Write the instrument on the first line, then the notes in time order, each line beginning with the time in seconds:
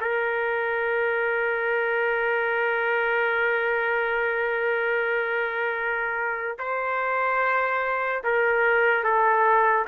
trumpet
0.00 A#4
6.58 C5
8.23 A#4
9.03 A4